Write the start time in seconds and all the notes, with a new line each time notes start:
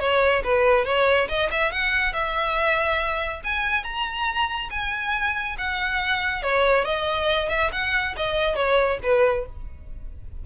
0.00 C#5
0.44 B4
0.85 C#5
1.29 D#5
1.51 E5
1.72 F#5
2.13 E5
3.45 G#5
3.84 A#5
4.71 G#5
5.58 F#5
6.43 C#5
6.85 D#5
7.49 E5
7.73 F#5
8.17 D#5
8.56 C#5
9.03 B4